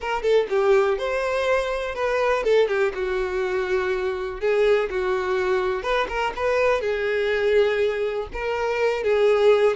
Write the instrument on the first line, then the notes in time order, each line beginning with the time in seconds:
violin
0.00 A#4
0.22 A4
0.49 G4
0.98 C5
1.94 B4
2.43 A4
2.68 G4
2.94 F#4
4.40 G#4
4.90 F#4
5.82 B4
6.08 A#4
6.36 B4
6.81 G#4
8.33 A#4
9.03 G#4